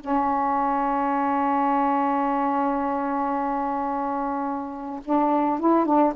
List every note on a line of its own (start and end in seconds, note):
0.00 5.00 C#4
5.04 5.59 D4
5.59 5.85 E4
5.85 6.13 D4